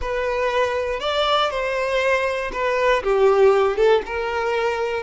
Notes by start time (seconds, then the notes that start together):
0.01 B4
0.99 D5
1.50 C5
2.52 B4
3.03 G4
3.77 A4
4.06 A#4